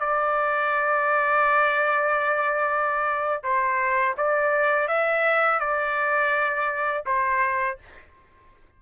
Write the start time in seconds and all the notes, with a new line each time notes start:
0.00 D5
3.44 C5
4.18 D5
4.88 E5
5.60 D5
7.06 C5